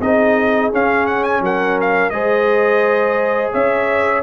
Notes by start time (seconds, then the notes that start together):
0.00 C4 D#4 G#4 D#5
0.72 C#4 F5
1.06 F#5
1.23 G#5
1.41 F#3 A#4 F#5
1.81 F5
2.10 G#3 G#4 C5 D#5
3.52 C#4 C#5 E5